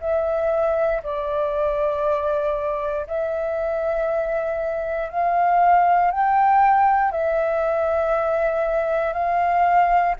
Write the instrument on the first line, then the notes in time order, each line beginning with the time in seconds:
flute
0.00 E5
1.03 D5
3.07 E5
5.09 F5
6.11 G5
7.11 E5
9.13 F5